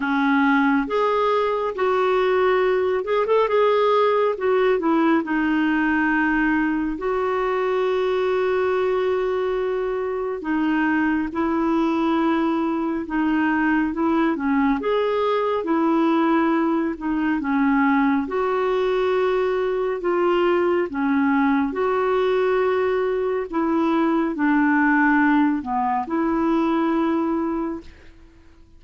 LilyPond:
\new Staff \with { instrumentName = "clarinet" } { \time 4/4 \tempo 4 = 69 cis'4 gis'4 fis'4. gis'16 a'16 | gis'4 fis'8 e'8 dis'2 | fis'1 | dis'4 e'2 dis'4 |
e'8 cis'8 gis'4 e'4. dis'8 | cis'4 fis'2 f'4 | cis'4 fis'2 e'4 | d'4. b8 e'2 | }